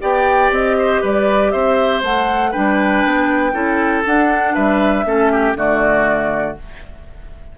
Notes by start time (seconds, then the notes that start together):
0.00 B3 G4 D5 G5
0.50 C4 D#5
0.78 C5
1.01 G3 B4 D5
1.50 C4 C5 E5
2.02 A3 A4 F#5
2.50 G3 D4 B4 G5
3.04 B3
3.52 C#4 E4 A4
4.05 D4 F#5
4.54 G3 B4 E5
5.04 A3 C#4 A4
5.31 G4
5.54 D3 A3 F#4 D5